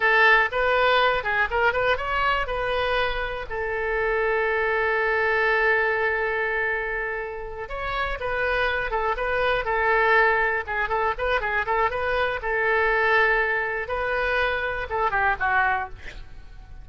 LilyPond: \new Staff \with { instrumentName = "oboe" } { \time 4/4 \tempo 4 = 121 a'4 b'4. gis'8 ais'8 b'8 | cis''4 b'2 a'4~ | a'1~ | a'2.~ a'8 cis''8~ |
cis''8 b'4. a'8 b'4 a'8~ | a'4. gis'8 a'8 b'8 gis'8 a'8 | b'4 a'2. | b'2 a'8 g'8 fis'4 | }